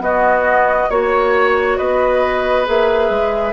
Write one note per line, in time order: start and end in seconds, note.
0.00 0.88 B3
0.00 0.89 B3
0.00 0.90 F#4
0.00 0.91 D#5
0.90 1.78 A#3
0.90 2.66 F#4
0.90 1.78 C#5
1.78 2.68 B3
1.78 3.53 B4
1.78 2.66 D#5
2.66 3.10 A#3
2.66 3.53 G#4
2.66 3.53 E5
3.10 3.53 G#3